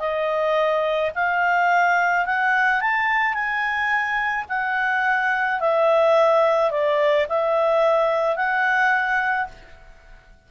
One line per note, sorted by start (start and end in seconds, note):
0.00 1.11 D#5
1.15 2.26 F5
2.26 2.81 F#5
2.81 3.34 A5
3.34 4.45 G#5
4.49 5.60 F#5
5.60 6.71 E5
6.71 7.27 D5
7.29 8.36 E5
8.36 9.47 F#5